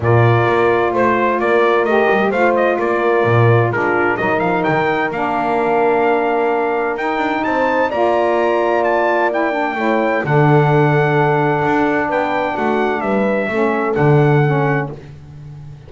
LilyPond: <<
  \new Staff \with { instrumentName = "trumpet" } { \time 4/4 \tempo 4 = 129 d''2 c''4 d''4 | dis''4 f''8 dis''8 d''2 | ais'4 dis''8 f''8 g''4 f''4~ | f''2. g''4 |
a''4 ais''2 a''4 | g''2 fis''2~ | fis''2 g''4 fis''4 | e''2 fis''2 | }
  \new Staff \with { instrumentName = "horn" } { \time 4/4 ais'2 c''4 ais'4~ | ais'4 c''4 ais'2 | f'4 ais'2.~ | ais'1 |
c''4 d''2.~ | d''4 cis''4 a'2~ | a'2 b'4 fis'4 | b'4 a'2. | }
  \new Staff \with { instrumentName = "saxophone" } { \time 4/4 f'1 | g'4 f'2. | d'4 dis'2 d'4~ | d'2. dis'4~ |
dis'4 f'2. | e'8 d'8 e'4 d'2~ | d'1~ | d'4 cis'4 d'4 cis'4 | }
  \new Staff \with { instrumentName = "double bass" } { \time 4/4 ais,4 ais4 a4 ais4 | a8 g8 a4 ais4 ais,4 | gis4 fis8 f8 dis4 ais4~ | ais2. dis'8 d'8 |
c'4 ais2.~ | ais4 a4 d2~ | d4 d'4 b4 a4 | g4 a4 d2 | }
>>